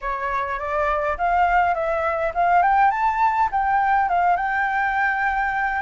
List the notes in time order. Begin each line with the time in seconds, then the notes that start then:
0.01 C#5
0.59 D5
1.17 F5
1.74 E5
2.34 F5
2.62 G5
2.90 A5
3.51 G5
4.08 F5
4.36 G5